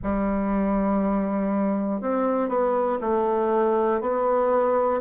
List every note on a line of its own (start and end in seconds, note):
0.03 2.01 G3
2.01 2.48 C4
2.48 2.98 B3
3.00 4.00 A3
4.00 5.00 B3